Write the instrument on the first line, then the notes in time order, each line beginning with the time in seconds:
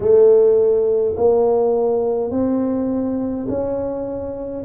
tuba
0.00 A3
1.16 A#3
2.31 C4
3.48 C#4